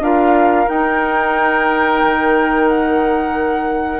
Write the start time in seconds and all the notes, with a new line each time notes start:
0.00 D4 F4 A#4 F5
0.68 D#4 G5
2.04 D#3
2.68 F#5